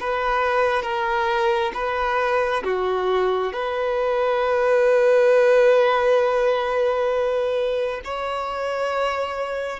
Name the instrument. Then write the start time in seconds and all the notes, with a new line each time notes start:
violin
0.00 B4
0.82 A#4
1.74 B4
2.64 F#4
3.53 B4
8.04 C#5